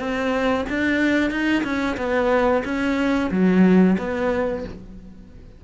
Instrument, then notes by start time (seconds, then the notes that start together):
cello
0.00 C4
0.70 D4
1.31 D#4
1.64 C#4
1.98 B3
2.65 C#4
3.31 F#3
3.99 B3